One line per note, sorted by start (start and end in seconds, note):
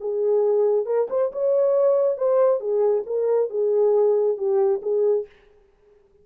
0.00 0.86 G#4
0.86 1.08 A#4
1.10 1.32 C5
1.32 2.17 C#5
2.17 2.60 C5
2.60 3.04 G#4
3.06 3.50 A#4
3.50 4.37 G#4
4.37 4.81 G4
4.82 5.26 G#4